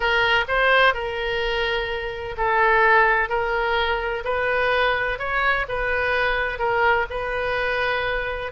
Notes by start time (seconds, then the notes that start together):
0.00 A#4
0.48 C5
0.94 A#4
2.37 A4
3.29 A#4
4.24 B4
5.18 C#5
5.68 B4
6.58 A#4
7.10 B4